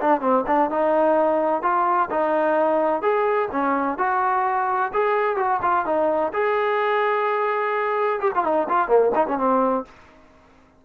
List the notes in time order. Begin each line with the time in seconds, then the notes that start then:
0.00 D4
0.20 C4
0.46 D4
0.70 D#4
1.62 F4
2.10 D#4
3.02 G#4
3.51 C#4
3.98 F#4
4.93 G#4
5.36 F#4
5.62 F4
5.85 D#4
6.33 G#4
8.20 G4
8.34 F4
8.44 D#4
8.68 F4
8.87 A#3
9.15 D#4
9.27 C#4
9.37 C4